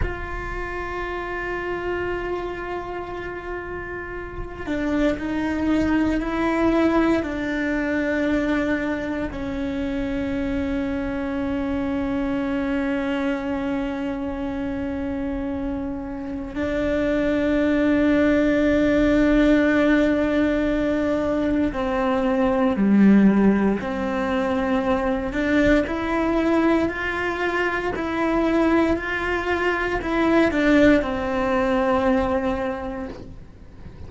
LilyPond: \new Staff \with { instrumentName = "cello" } { \time 4/4 \tempo 4 = 58 f'1~ | f'8 d'8 dis'4 e'4 d'4~ | d'4 cis'2.~ | cis'1 |
d'1~ | d'4 c'4 g4 c'4~ | c'8 d'8 e'4 f'4 e'4 | f'4 e'8 d'8 c'2 | }